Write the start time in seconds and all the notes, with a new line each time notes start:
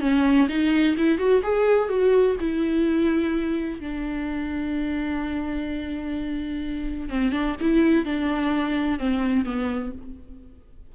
0.00 C#4
0.48 D#4
0.97 E4
1.17 F#4
1.43 G#4
1.88 F#4
2.40 E4
3.80 D4
7.09 C4
7.32 D4
7.60 E4
8.05 D4
8.98 C4
9.44 B3